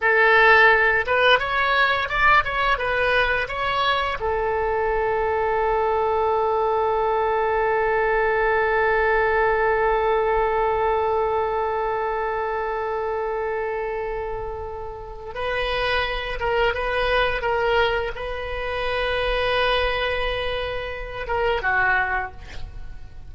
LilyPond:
\new Staff \with { instrumentName = "oboe" } { \time 4/4 \tempo 4 = 86 a'4. b'8 cis''4 d''8 cis''8 | b'4 cis''4 a'2~ | a'1~ | a'1~ |
a'1~ | a'2 b'4. ais'8 | b'4 ais'4 b'2~ | b'2~ b'8 ais'8 fis'4 | }